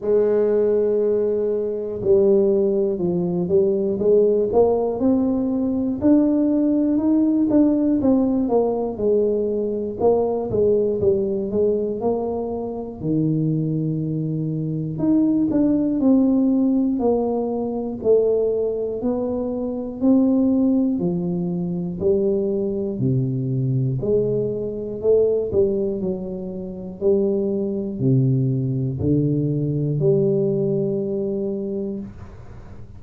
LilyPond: \new Staff \with { instrumentName = "tuba" } { \time 4/4 \tempo 4 = 60 gis2 g4 f8 g8 | gis8 ais8 c'4 d'4 dis'8 d'8 | c'8 ais8 gis4 ais8 gis8 g8 gis8 | ais4 dis2 dis'8 d'8 |
c'4 ais4 a4 b4 | c'4 f4 g4 c4 | gis4 a8 g8 fis4 g4 | c4 d4 g2 | }